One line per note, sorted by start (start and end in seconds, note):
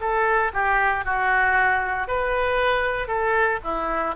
0.00 0.52 A4
0.53 1.05 G4
1.05 2.08 F#4
2.08 3.08 B4
3.08 3.59 A4
3.63 4.15 E4